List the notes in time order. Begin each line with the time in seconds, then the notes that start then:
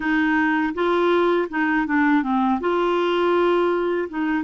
0.00 D#4
0.74 F4
1.49 D#4
1.86 D4
2.23 C4
2.60 F4
4.09 D#4